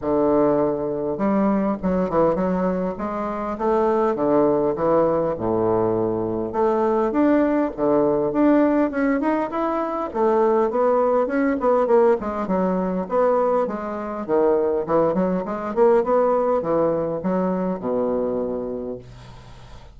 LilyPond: \new Staff \with { instrumentName = "bassoon" } { \time 4/4 \tempo 4 = 101 d2 g4 fis8 e8 | fis4 gis4 a4 d4 | e4 a,2 a4 | d'4 d4 d'4 cis'8 dis'8 |
e'4 a4 b4 cis'8 b8 | ais8 gis8 fis4 b4 gis4 | dis4 e8 fis8 gis8 ais8 b4 | e4 fis4 b,2 | }